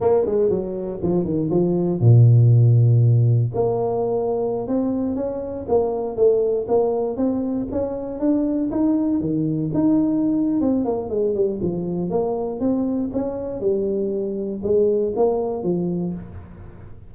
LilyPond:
\new Staff \with { instrumentName = "tuba" } { \time 4/4 \tempo 4 = 119 ais8 gis8 fis4 f8 dis8 f4 | ais,2. ais4~ | ais4~ ais16 c'4 cis'4 ais8.~ | ais16 a4 ais4 c'4 cis'8.~ |
cis'16 d'4 dis'4 dis4 dis'8.~ | dis'4 c'8 ais8 gis8 g8 f4 | ais4 c'4 cis'4 g4~ | g4 gis4 ais4 f4 | }